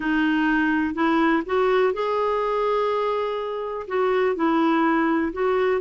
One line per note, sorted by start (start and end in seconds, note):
0.00 0.94 D#4
0.94 1.43 E4
1.45 1.93 F#4
1.93 3.86 G#4
3.87 4.35 F#4
4.35 5.32 E4
5.32 5.81 F#4